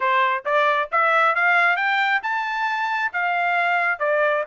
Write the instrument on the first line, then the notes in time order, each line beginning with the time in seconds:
trumpet
0.00 C5
0.45 D5
0.91 E5
1.35 F5
1.76 G5
2.23 A5
3.12 F5
3.99 D5